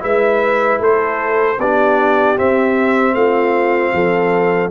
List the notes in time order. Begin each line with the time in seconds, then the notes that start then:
0.00 G#3 E4 B4 E5
0.79 A3 A4 C5
1.58 B3 D4 G4 D5
2.36 C4 E5
3.13 A3 F4 F5
3.93 F3 A4